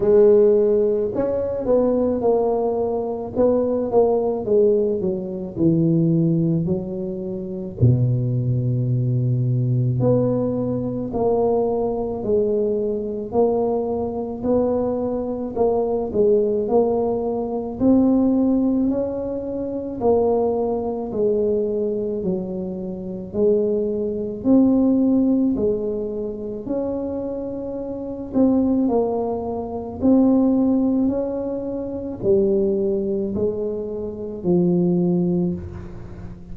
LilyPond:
\new Staff \with { instrumentName = "tuba" } { \time 4/4 \tempo 4 = 54 gis4 cis'8 b8 ais4 b8 ais8 | gis8 fis8 e4 fis4 b,4~ | b,4 b4 ais4 gis4 | ais4 b4 ais8 gis8 ais4 |
c'4 cis'4 ais4 gis4 | fis4 gis4 c'4 gis4 | cis'4. c'8 ais4 c'4 | cis'4 g4 gis4 f4 | }